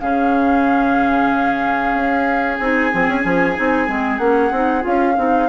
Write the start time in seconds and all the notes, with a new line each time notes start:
0.00 C#3 C#4 G#4 F5
1.94 C#4
2.57 C4 D#4 G#5
2.92 F3 C4
3.08 C#4
3.22 F3 C#4
3.55 C4 D#4
3.87 G#3 C4
4.18 A#3 C#4 F#5
4.51 C4 D#4
4.81 C#4 F4 F5
5.17 C4 D#4